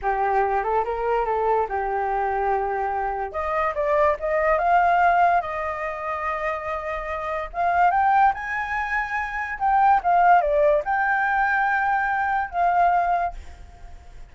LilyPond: \new Staff \with { instrumentName = "flute" } { \time 4/4 \tempo 4 = 144 g'4. a'8 ais'4 a'4 | g'1 | dis''4 d''4 dis''4 f''4~ | f''4 dis''2.~ |
dis''2 f''4 g''4 | gis''2. g''4 | f''4 d''4 g''2~ | g''2 f''2 | }